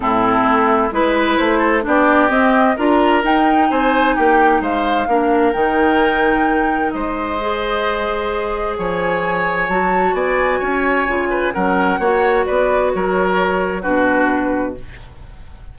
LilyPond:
<<
  \new Staff \with { instrumentName = "flute" } { \time 4/4 \tempo 4 = 130 a'2 b'4 c''4 | d''4 dis''4 ais''4 g''4 | gis''4 g''4 f''2 | g''2. dis''4~ |
dis''2. gis''4~ | gis''4 a''4 gis''2~ | gis''4 fis''2 d''4 | cis''2 b'2 | }
  \new Staff \with { instrumentName = "oboe" } { \time 4/4 e'2 b'4. a'8 | g'2 ais'2 | c''4 g'4 c''4 ais'4~ | ais'2. c''4~ |
c''2. cis''4~ | cis''2 d''4 cis''4~ | cis''8 b'8 ais'4 cis''4 b'4 | ais'2 fis'2 | }
  \new Staff \with { instrumentName = "clarinet" } { \time 4/4 c'2 e'2 | d'4 c'4 f'4 dis'4~ | dis'2. d'4 | dis'1 |
gis'1~ | gis'4 fis'2. | f'4 cis'4 fis'2~ | fis'2 d'2 | }
  \new Staff \with { instrumentName = "bassoon" } { \time 4/4 a,4 a4 gis4 a4 | b4 c'4 d'4 dis'4 | c'4 ais4 gis4 ais4 | dis2. gis4~ |
gis2. f4~ | f4 fis4 b4 cis'4 | cis4 fis4 ais4 b4 | fis2 b,2 | }
>>